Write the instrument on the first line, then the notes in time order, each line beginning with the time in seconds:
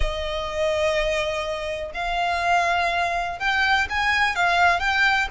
violin
0.00 D#5
1.94 F5
3.39 G5
3.89 G#5
4.35 F5
4.79 G5